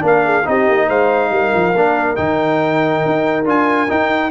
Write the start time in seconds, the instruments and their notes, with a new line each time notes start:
0.00 tuba A#3, trombone D4, horn A#4
0.07 trumpet F5
0.25 horn G#4
0.45 tuba C4, trombone D#4, horn G4, trumpet D#5
0.68 tuba A#3
0.88 tuba G#3, horn C5, trumpet F5
1.30 tuba G3, horn A#4
1.55 tuba F3
1.75 tuba A#3, trombone D4
2.16 tuba D#3, trombone D#4, trumpet G5
3.05 tuba D#4
3.45 tuba D4, trombone F4, trumpet G#5
3.89 trombone D#4, tuba D#4, trumpet G5